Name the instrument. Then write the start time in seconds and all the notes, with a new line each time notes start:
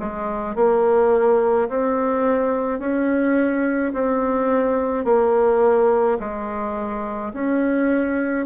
bassoon
0.00 G#3
0.56 A#3
1.69 C4
2.79 C#4
3.94 C4
5.05 A#3
6.20 G#3
7.33 C#4